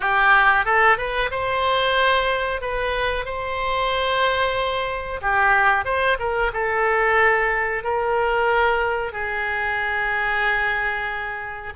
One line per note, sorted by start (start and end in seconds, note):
0.00 0.65 G4
0.65 0.97 A4
0.97 1.30 B4
1.30 2.61 C5
2.61 3.25 B4
3.25 5.21 C5
5.21 5.85 G4
5.85 6.17 C5
6.19 6.51 A#4
6.53 7.83 A4
7.83 9.12 A#4
9.12 11.73 G#4